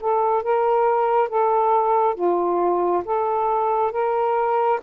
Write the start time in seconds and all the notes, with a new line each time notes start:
0.00 A4
0.43 A#4
1.28 A4
2.14 F4
3.04 A4
3.91 A#4